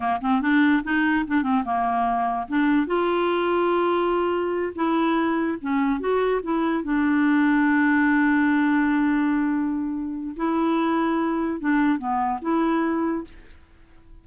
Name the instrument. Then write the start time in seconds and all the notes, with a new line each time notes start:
clarinet
0.00 A#3
0.21 C4
0.41 D4
0.83 D#4
1.27 D4
1.43 C4
1.64 A#3
2.47 D4
2.87 F4
4.75 E4
5.61 C#4
5.99 F#4
6.43 E4
6.83 D4
10.36 E4
11.60 D4
11.98 B3
12.41 E4